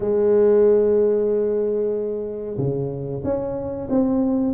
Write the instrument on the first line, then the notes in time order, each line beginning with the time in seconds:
tuba
0.00 G#3
2.57 C#3
3.23 C#4
3.89 C4